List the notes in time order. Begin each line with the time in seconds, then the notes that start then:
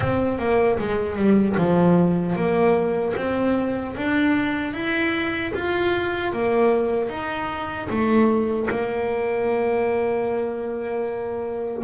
0.00 C4
0.38 A#3
0.79 G#3
1.16 G3
1.57 F3
2.35 A#3
3.16 C4
3.96 D4
4.73 E4
5.54 F4
6.32 A#3
7.09 D#4
7.89 A3
8.69 A#3